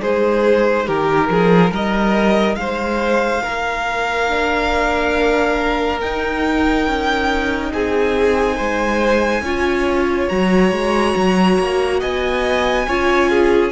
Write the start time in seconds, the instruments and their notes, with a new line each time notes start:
0.00 cello G#3, viola D#4, violin G#4 C5
0.86 cello D#3, violin G4 A#4
1.29 cello F3, violin G#4
1.70 cello G3, violin A#4 D#5
2.55 cello G#3, violin C5 F5
3.42 cello A#3, violin A#4
4.29 viola D4
6.01 cello D#4, viola D#4, violin G5
6.87 cello C#4
7.73 cello C4, violin G#4 G#5
8.56 cello G#3, violin C5
9.41 cello C#4, viola F4, violin C#5
10.28 cello F#3, viola F#4, violin A#5
10.71 cello G#3
11.16 cello F#3
11.59 cello A#3
12.00 cello B3, violin D#5 G#5
12.87 cello C#4, viola F4, violin C#5
13.30 violin G#4